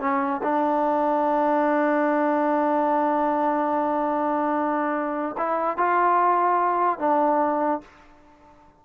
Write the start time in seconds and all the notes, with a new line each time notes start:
0.00 C#4
0.43 D4
5.38 E4
5.78 F4
6.99 D4